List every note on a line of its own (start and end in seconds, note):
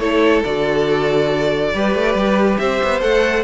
0.00 0.44 A3
0.00 0.44 E4
0.00 1.72 A4
0.00 0.43 C#5
0.45 1.74 D3
0.45 1.73 F#4
0.45 2.58 D5
1.73 1.95 G3
1.73 3.01 G4
1.73 2.61 B4
1.95 2.15 A3
2.15 2.58 G3
2.58 2.81 C4
2.58 3.45 C5
2.58 3.01 E5
2.83 3.02 B3
3.01 3.45 A3
3.01 3.44 A4
3.01 3.45 F#5